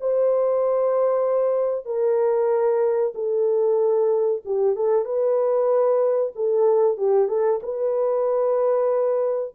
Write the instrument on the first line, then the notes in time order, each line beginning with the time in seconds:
horn
0.00 C5
1.85 A#4
3.15 A4
4.45 G4
4.76 A4
5.05 B4
6.35 A4
6.97 G4
7.28 A4
7.62 B4